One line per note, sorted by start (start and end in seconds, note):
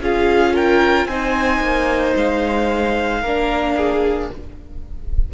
0.00 1.05 C#4
0.00 1.09 F4
0.00 0.54 G#4
0.00 0.56 F5
0.54 1.07 A#4
0.54 1.07 G5
1.05 1.59 C4
1.05 3.24 D#4
1.05 3.21 C5
1.05 2.14 G#5
1.60 2.13 A#3
2.15 3.22 G#3
2.15 4.31 F5
3.21 4.29 A#3
3.21 4.33 D4
3.21 3.74 A#4
3.77 4.30 G#4